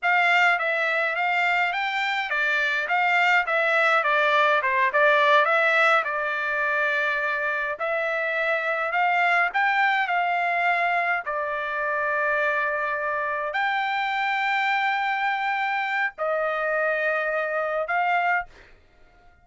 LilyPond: \new Staff \with { instrumentName = "trumpet" } { \time 4/4 \tempo 4 = 104 f''4 e''4 f''4 g''4 | d''4 f''4 e''4 d''4 | c''8 d''4 e''4 d''4.~ | d''4. e''2 f''8~ |
f''8 g''4 f''2 d''8~ | d''2.~ d''8 g''8~ | g''1 | dis''2. f''4 | }